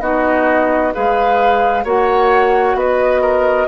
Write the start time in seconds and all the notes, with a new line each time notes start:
0.00 B3 D#4 F#4 D#5
0.92 G#3 G#4 B4 F5
1.84 A#3 F#4 C#5 F#5
2.74 B3 B4 D#5
3.21 A#4